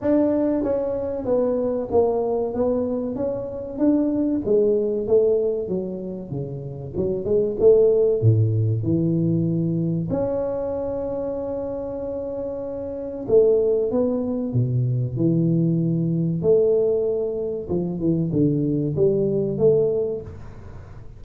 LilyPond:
\new Staff \with { instrumentName = "tuba" } { \time 4/4 \tempo 4 = 95 d'4 cis'4 b4 ais4 | b4 cis'4 d'4 gis4 | a4 fis4 cis4 fis8 gis8 | a4 a,4 e2 |
cis'1~ | cis'4 a4 b4 b,4 | e2 a2 | f8 e8 d4 g4 a4 | }